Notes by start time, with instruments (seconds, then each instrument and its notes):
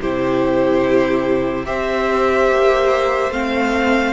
0.00 cello C3, viola E4, violin G4 C5
1.65 cello C4, viola G4, violin C5 E5
2.50 cello A#3
3.30 cello A3, viola C4, violin F5